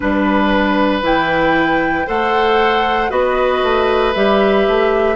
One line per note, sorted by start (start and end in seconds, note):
0.00 1.02 G3
0.00 1.02 D4
0.00 1.02 B4
0.00 2.06 B4
1.02 2.05 E3
1.02 2.06 E4
1.02 2.08 G5
2.06 3.10 A3
2.06 3.09 A4
2.06 3.10 C5
2.06 3.10 F#5
3.09 3.62 B3
3.09 4.12 F#4
3.09 5.16 B4
3.09 4.13 D#5
3.62 4.14 A3
4.14 4.66 G3
4.14 5.16 G4
4.14 5.16 E5
4.67 5.16 A3